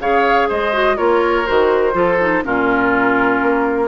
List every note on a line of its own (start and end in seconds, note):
0.00 0.49 C#3
0.00 0.73 G#4
0.00 0.49 C#5
0.00 0.49 F5
0.49 0.99 G#3
0.49 0.97 C5
0.49 0.97 D#5
0.73 0.97 F#4
0.97 1.48 A#3
0.97 1.46 F4
0.97 1.94 A#4
0.97 1.46 C#5
1.46 1.94 D#3
1.46 1.93 F#4
1.46 2.44 C5
1.93 2.43 F3
1.93 2.18 F4
1.93 2.44 A4
2.21 2.44 D#4
2.44 3.42 A#2
2.44 3.88 C#4
2.44 3.88 F4
2.44 3.88 A#4
3.42 3.88 A#3